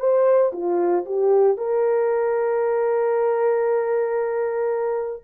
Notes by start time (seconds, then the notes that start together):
0.00 C5
0.53 F4
1.06 G4
1.58 A#4